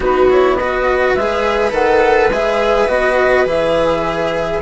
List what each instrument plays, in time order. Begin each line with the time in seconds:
0.00 bassoon B3, cello D#4, viola F#4, flute B4
0.29 cello E4, flute C#5
0.56 cello F#4, viola B4, flute D#5
1.14 bassoon G#3, cello G#4, flute E5
1.71 bassoon D#3, cello A4, flute F#5
2.29 bassoon G#3, cello G#4, flute E5
2.87 bassoon B3, cello F#4, flute D#5
3.45 bassoon E3, cello G#4, flute E5